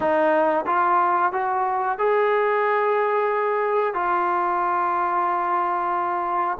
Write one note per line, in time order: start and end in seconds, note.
0.00 0.65 D#4
0.66 1.32 F4
1.32 1.98 F#4
1.98 3.94 G#4
3.94 6.58 F4